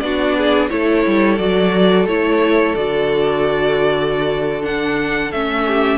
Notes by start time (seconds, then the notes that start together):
0.00 B3 D4 F#4 D5
0.37 G#4
0.69 A3 E4 A4 C#5
1.06 G3
1.38 F#3 F#4 D5
2.06 A3 E4 C#5
2.75 D3 F#4 D5
4.62 D4 F#5
5.31 A3 C#4 E5
5.67 G4